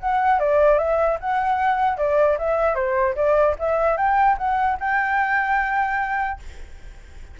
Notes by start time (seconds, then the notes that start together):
0.00 F#5
0.39 D5
0.79 E5
1.20 F#5
1.97 D5
2.39 E5
2.75 C5
3.16 D5
3.59 E5
3.97 G5
4.38 F#5
4.80 G5